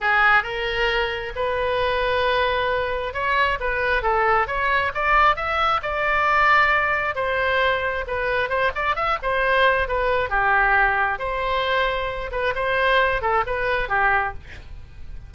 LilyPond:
\new Staff \with { instrumentName = "oboe" } { \time 4/4 \tempo 4 = 134 gis'4 ais'2 b'4~ | b'2. cis''4 | b'4 a'4 cis''4 d''4 | e''4 d''2. |
c''2 b'4 c''8 d''8 | e''8 c''4. b'4 g'4~ | g'4 c''2~ c''8 b'8 | c''4. a'8 b'4 g'4 | }